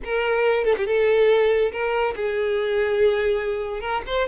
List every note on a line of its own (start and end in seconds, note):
0.04 0.64 A#4
0.64 0.74 A4
0.77 0.86 G4
0.86 1.71 A4
1.71 2.14 A#4
2.16 3.80 G#4
3.80 4.02 A#4
4.06 4.27 C5